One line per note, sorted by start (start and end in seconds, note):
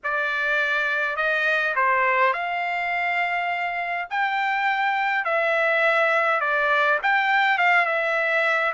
0.03 1.16 D5
1.16 1.74 D#5
1.75 2.33 C5
2.33 4.08 F5
4.10 5.24 G5
5.24 6.40 E5
6.40 6.98 D5
7.02 7.57 G5
7.57 7.85 F5
7.85 8.72 E5